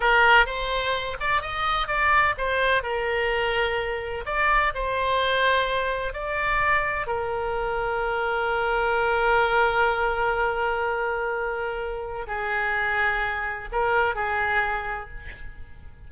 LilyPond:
\new Staff \with { instrumentName = "oboe" } { \time 4/4 \tempo 4 = 127 ais'4 c''4. d''8 dis''4 | d''4 c''4 ais'2~ | ais'4 d''4 c''2~ | c''4 d''2 ais'4~ |
ais'1~ | ais'1~ | ais'2 gis'2~ | gis'4 ais'4 gis'2 | }